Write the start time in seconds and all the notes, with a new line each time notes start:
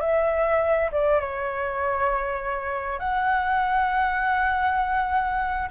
0.00 E5
0.91 D5
1.20 C#5
2.99 F#5